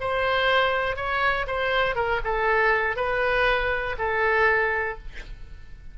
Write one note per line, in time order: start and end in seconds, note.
0.00 0.96 C5
0.96 1.46 C#5
1.47 1.95 C5
1.95 2.20 A#4
2.24 2.96 A4
2.96 3.96 B4
3.98 4.98 A4